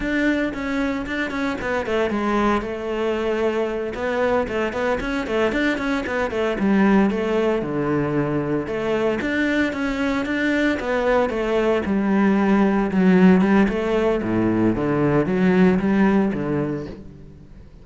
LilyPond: \new Staff \with { instrumentName = "cello" } { \time 4/4 \tempo 4 = 114 d'4 cis'4 d'8 cis'8 b8 a8 | gis4 a2~ a8 b8~ | b8 a8 b8 cis'8 a8 d'8 cis'8 b8 | a8 g4 a4 d4.~ |
d8 a4 d'4 cis'4 d'8~ | d'8 b4 a4 g4.~ | g8 fis4 g8 a4 a,4 | d4 fis4 g4 d4 | }